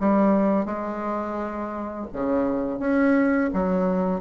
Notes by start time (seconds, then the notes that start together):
0.00 G3
0.65 G#3
2.13 C#3
2.80 C#4
3.54 F#3